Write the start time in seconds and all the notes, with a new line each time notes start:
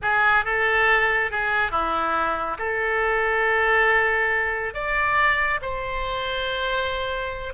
0.02 G#4
0.44 A4
1.30 G#4
1.71 E4
2.58 A4
4.73 D5
5.61 C5